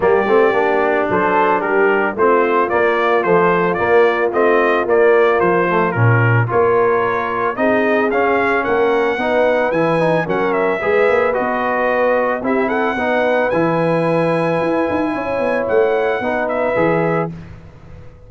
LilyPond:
<<
  \new Staff \with { instrumentName = "trumpet" } { \time 4/4 \tempo 4 = 111 d''2 c''4 ais'4 | c''4 d''4 c''4 d''4 | dis''4 d''4 c''4 ais'4 | cis''2 dis''4 f''4 |
fis''2 gis''4 fis''8 e''8~ | e''4 dis''2 e''8 fis''8~ | fis''4 gis''2.~ | gis''4 fis''4. e''4. | }
  \new Staff \with { instrumentName = "horn" } { \time 4/4 g'2 a'4 g'4 | f'1~ | f'1 | ais'2 gis'2 |
ais'4 b'2 ais'4 | b'2. g'8 a'8 | b'1 | cis''2 b'2 | }
  \new Staff \with { instrumentName = "trombone" } { \time 4/4 ais8 c'8 d'2. | c'4 ais4 f4 ais4 | c'4 ais4. a8 cis'4 | f'2 dis'4 cis'4~ |
cis'4 dis'4 e'8 dis'8 cis'4 | gis'4 fis'2 e'4 | dis'4 e'2.~ | e'2 dis'4 gis'4 | }
  \new Staff \with { instrumentName = "tuba" } { \time 4/4 g8 a8 ais4 fis4 g4 | a4 ais4 a4 ais4 | a4 ais4 f4 ais,4 | ais2 c'4 cis'4 |
ais4 b4 e4 fis4 | gis8 ais8 b2 c'4 | b4 e2 e'8 dis'8 | cis'8 b8 a4 b4 e4 | }
>>